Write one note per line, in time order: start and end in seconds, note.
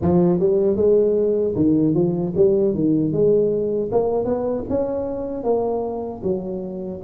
0.01 0.39 F3
0.39 0.76 G3
0.76 1.54 G#3
1.55 1.94 D#3
1.94 2.33 F3
2.36 2.74 G3
2.74 3.12 D#3
3.12 3.90 G#3
3.91 4.24 A#3
4.24 4.63 B3
4.69 5.43 C#4
5.43 6.21 A#3
6.23 7.01 F#3